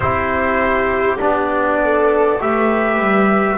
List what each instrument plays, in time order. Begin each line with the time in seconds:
0.00 double bass C4, trombone E4, viola G4, trumpet C5
1.19 double bass B3, trombone D4, trumpet D5
1.83 viola A4
2.40 double bass A3, trombone G4, viola B4, trumpet E5
2.98 double bass G3